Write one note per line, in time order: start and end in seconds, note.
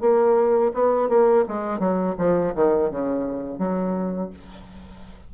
0.00 0.71 A#3
0.73 1.08 B3
1.08 1.44 A#3
1.48 1.79 G#3
1.79 2.15 F#3
2.18 2.53 F3
2.55 2.90 D#3
2.90 3.58 C#3
3.58 4.30 F#3